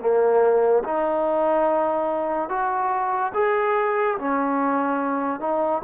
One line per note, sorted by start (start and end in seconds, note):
0.00 0.83 A#3
0.84 2.50 D#4
2.50 3.33 F#4
3.34 4.18 G#4
4.19 5.41 C#4
5.41 5.82 D#4